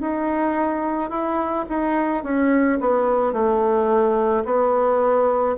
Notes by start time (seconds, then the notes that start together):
0.00 D#4
1.10 E4
1.69 D#4
2.24 C#4
2.80 B3
3.33 A3
4.44 B3